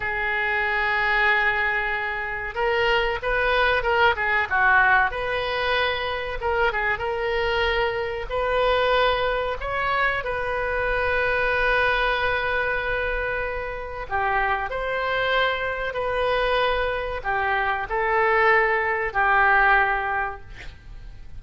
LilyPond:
\new Staff \with { instrumentName = "oboe" } { \time 4/4 \tempo 4 = 94 gis'1 | ais'4 b'4 ais'8 gis'8 fis'4 | b'2 ais'8 gis'8 ais'4~ | ais'4 b'2 cis''4 |
b'1~ | b'2 g'4 c''4~ | c''4 b'2 g'4 | a'2 g'2 | }